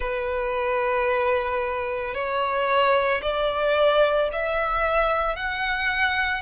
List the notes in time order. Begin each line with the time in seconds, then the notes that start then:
0.00 B4
2.14 C#5
3.21 D5
4.32 E5
5.36 F#5